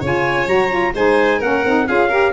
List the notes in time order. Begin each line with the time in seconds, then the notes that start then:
0.00 C#3 F4 C#5
0.06 G#5
0.47 F#3 F#4 A#5
0.70 F4
0.95 G#3 D#4 C5 G#5
1.39 A#3 C#4 A#4 F#5
1.65 C4 D#4
1.88 C#4 F4 G#4 F5
2.09 G4 A#4